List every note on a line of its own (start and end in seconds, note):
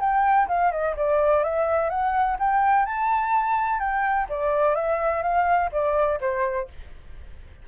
0.00 0.48 G5
0.48 0.72 F5
0.72 0.95 D#5
0.96 1.44 D5
1.44 1.89 E5
1.89 2.37 F#5
2.39 2.86 G5
2.86 3.79 A5
3.79 4.27 G5
4.29 4.75 D5
4.75 5.22 E5
5.22 5.70 F5
5.72 6.20 D5
6.20 6.68 C5